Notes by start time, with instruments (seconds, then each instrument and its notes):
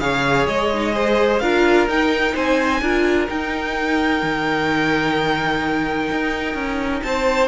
0.00 cello C#3, viola G#4, violin C#5 F5
0.47 cello G#3, violin D#5
0.73 viola D#4
0.93 viola G#4, violin C5
1.39 cello D4, viola F4, violin A#4 F5
1.88 cello D#4, viola D#4, violin G5
2.34 cello C4, violin C5 G#5
2.81 cello D4, viola F4, violin A#4
3.28 viola D#4, cello D#4, violin G5
4.23 cello D#3
6.11 cello D#4
6.55 cello C#4
7.02 cello C4, violin C5 A5